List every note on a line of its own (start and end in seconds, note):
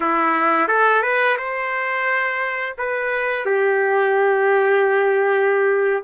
0.00 0.67 E4
0.67 1.02 A4
1.02 1.36 B4
1.37 2.75 C5
2.78 3.45 B4
3.45 6.03 G4